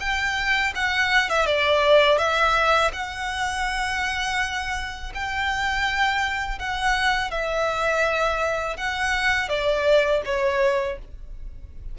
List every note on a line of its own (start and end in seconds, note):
0.00 0.73 G5
0.75 1.29 F#5
1.29 1.46 E5
1.46 2.18 D5
2.18 2.91 E5
2.93 5.13 F#5
5.15 6.59 G5
6.59 7.31 F#5
7.31 8.77 E5
8.77 9.49 F#5
9.49 10.22 D5
10.25 10.99 C#5